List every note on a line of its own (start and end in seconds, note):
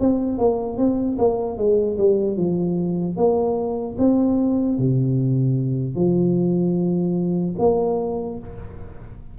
0.00 0.39 C4
0.39 0.77 A#3
0.77 1.17 C4
1.18 1.57 A#3
1.57 1.97 G#3
1.98 2.37 G3
2.37 3.16 F3
3.16 3.96 A#3
3.98 4.78 C4
4.79 5.96 C3
5.96 7.56 F3
7.59 8.39 A#3